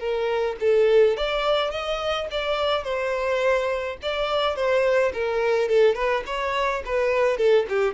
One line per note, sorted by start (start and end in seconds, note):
0.00 0.57 A#4
0.61 1.17 A4
1.18 1.72 D5
1.72 2.28 D#5
2.31 2.84 D5
2.84 3.97 C5
4.03 4.56 D5
4.56 5.13 C5
5.14 5.69 A#4
5.69 5.96 A4
5.96 6.24 B4
6.27 6.83 C#5
6.86 7.38 B4
7.38 7.66 A4
7.69 7.94 G4